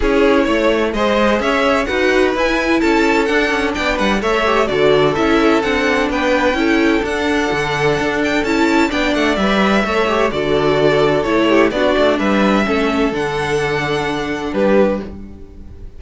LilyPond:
<<
  \new Staff \with { instrumentName = "violin" } { \time 4/4 \tempo 4 = 128 cis''2 dis''4 e''4 | fis''4 gis''4 a''4 fis''4 | g''8 fis''8 e''4 d''4 e''4 | fis''4 g''2 fis''4~ |
fis''4. g''8 a''4 g''8 fis''8 | e''2 d''2 | cis''4 d''4 e''2 | fis''2. b'4 | }
  \new Staff \with { instrumentName = "violin" } { \time 4/4 gis'4 cis''4 c''4 cis''4 | b'2 a'2 | d''8 b'8 cis''4 a'2~ | a'4 b'4 a'2~ |
a'2. d''4~ | d''4 cis''4 a'2~ | a'8 g'8 fis'4 b'4 a'4~ | a'2. g'4 | }
  \new Staff \with { instrumentName = "viola" } { \time 4/4 e'2 gis'2 | fis'4 e'2 d'4~ | d'4 a'8 g'8 fis'4 e'4 | d'2 e'4 d'4~ |
d'2 e'4 d'4 | b'4 a'8 g'8 fis'2 | e'4 d'2 cis'4 | d'1 | }
  \new Staff \with { instrumentName = "cello" } { \time 4/4 cis'4 a4 gis4 cis'4 | dis'4 e'4 cis'4 d'8 cis'8 | b8 g8 a4 d4 cis'4 | c'4 b4 cis'4 d'4 |
d4 d'4 cis'4 b8 a8 | g4 a4 d2 | a4 b8 a8 g4 a4 | d2. g4 | }
>>